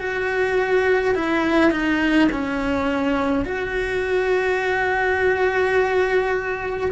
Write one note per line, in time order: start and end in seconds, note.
0.00 1.15 F#4
1.15 1.72 E4
1.72 2.29 D#4
2.32 3.46 C#4
3.46 6.92 F#4